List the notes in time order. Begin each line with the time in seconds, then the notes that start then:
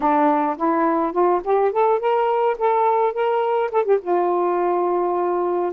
0.00 D4
0.57 E4
1.12 F4
1.44 G4
1.72 A4
1.99 A#4
2.58 A4
3.13 A#4
3.71 A4
3.84 G4
4.01 F4